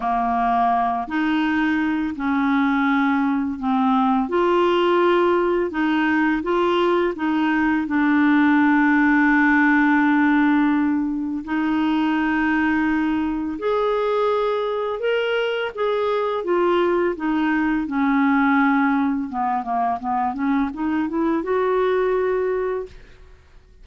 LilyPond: \new Staff \with { instrumentName = "clarinet" } { \time 4/4 \tempo 4 = 84 ais4. dis'4. cis'4~ | cis'4 c'4 f'2 | dis'4 f'4 dis'4 d'4~ | d'1 |
dis'2. gis'4~ | gis'4 ais'4 gis'4 f'4 | dis'4 cis'2 b8 ais8 | b8 cis'8 dis'8 e'8 fis'2 | }